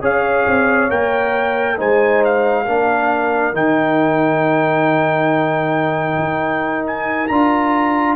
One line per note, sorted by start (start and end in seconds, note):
0.00 0.45 C#4
0.00 0.90 G#4
0.00 1.76 C#5
0.00 0.90 F5
0.46 0.90 C4
0.90 1.79 A#3
0.90 1.77 A#4
0.90 1.78 G5
1.77 2.67 G#3
1.77 2.65 D#4
1.77 2.64 C5
1.77 2.24 G#5
2.24 3.55 F5
2.64 3.53 A#3
2.64 3.53 D4
2.64 8.15 A#4
3.53 6.18 D#3
3.53 7.28 D#4
3.53 6.86 G5
6.18 7.29 D#4
6.86 7.27 G#5
7.27 8.15 D4
7.27 8.15 F4
7.27 8.15 A#5